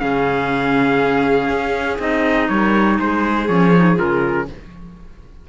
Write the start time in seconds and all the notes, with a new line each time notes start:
0.00 C#3 C#4 G#4 F5
1.49 C#4
1.99 C4 D#4 D#5
2.49 G3 A#4 C#5
2.98 G#3 G#4 C5
3.48 F3 C#4 C#5
3.76 D#4
3.96 C#3 F4 A#4